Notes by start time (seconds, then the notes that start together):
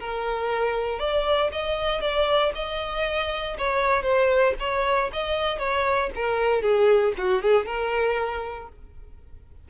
0.00 A#4
1.00 D5
1.52 D#5
2.01 D5
2.55 D#5
3.58 C#5
4.03 C5
4.60 C#5
5.13 D#5
5.59 C#5
6.16 A#4
6.62 G#4
7.18 F#4
7.42 G#4
7.66 A#4